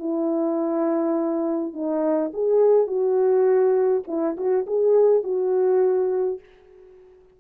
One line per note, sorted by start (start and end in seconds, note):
0.00 1.74 E4
1.74 2.32 D#4
2.34 2.88 G#4
2.88 4.04 F#4
4.08 4.37 E4
4.37 4.67 F#4
4.67 5.24 G#4
5.24 6.40 F#4